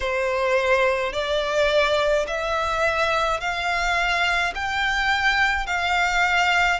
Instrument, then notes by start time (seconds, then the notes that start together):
violin
0.00 C5
1.12 D5
2.27 E5
3.40 F5
4.54 G5
5.66 F5